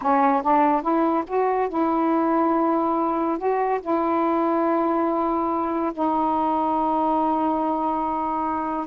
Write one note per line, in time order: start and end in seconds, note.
0.01 0.42 C#4
0.42 0.81 D4
0.81 1.24 E4
1.27 1.68 F#4
1.68 3.37 E4
3.38 3.80 F#4
3.81 5.92 E4
5.93 8.86 D#4